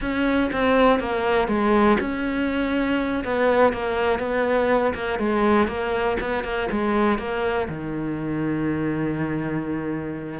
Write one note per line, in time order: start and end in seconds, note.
0.01 0.50 C#4
0.52 0.99 C4
0.99 1.48 A#3
1.48 1.97 G#3
2.00 3.24 C#4
3.24 3.73 B3
3.73 4.19 A#3
4.19 4.93 B3
4.94 5.18 A#3
5.18 5.67 G#3
5.67 6.17 A#3
6.20 6.43 B3
6.43 6.68 A#3
6.71 7.18 G#3
7.18 7.67 A#3
7.69 10.39 D#3